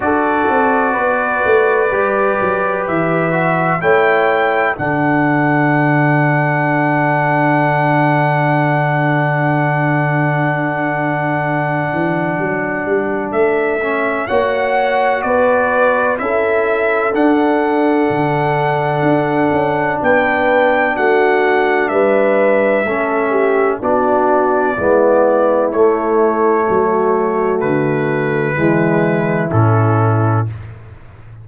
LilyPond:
<<
  \new Staff \with { instrumentName = "trumpet" } { \time 4/4 \tempo 4 = 63 d''2. e''4 | g''4 fis''2.~ | fis''1~ | fis''2 e''4 fis''4 |
d''4 e''4 fis''2~ | fis''4 g''4 fis''4 e''4~ | e''4 d''2 cis''4~ | cis''4 b'2 a'4 | }
  \new Staff \with { instrumentName = "horn" } { \time 4/4 a'4 b'2. | cis''4 a'2.~ | a'1~ | a'2. cis''4 |
b'4 a'2.~ | a'4 b'4 fis'4 b'4 | a'8 g'8 fis'4 e'2 | fis'2 e'2 | }
  \new Staff \with { instrumentName = "trombone" } { \time 4/4 fis'2 g'4. fis'8 | e'4 d'2.~ | d'1~ | d'2~ d'8 cis'8 fis'4~ |
fis'4 e'4 d'2~ | d'1 | cis'4 d'4 b4 a4~ | a2 gis4 cis'4 | }
  \new Staff \with { instrumentName = "tuba" } { \time 4/4 d'8 c'8 b8 a8 g8 fis8 e4 | a4 d2.~ | d1~ | d8 e8 fis8 g8 a4 ais4 |
b4 cis'4 d'4 d4 | d'8 cis'8 b4 a4 g4 | a4 b4 gis4 a4 | fis4 d4 e4 a,4 | }
>>